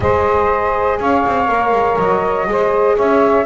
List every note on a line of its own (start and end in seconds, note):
0.00 0.98 G#3
0.00 1.47 G#4
0.00 0.99 C5
0.00 0.99 D#5
0.99 1.24 C#4
0.99 2.47 C#5
0.99 1.98 F5
1.26 1.48 C4
1.47 1.72 A#3
1.47 2.46 A#4
1.72 1.96 G#3
1.98 2.47 F#3
1.98 2.97 D#5
2.46 2.97 G#3
2.46 3.45 G#4
2.46 2.96 C5
2.96 3.45 C#4
2.96 3.45 C#5
2.96 3.45 E5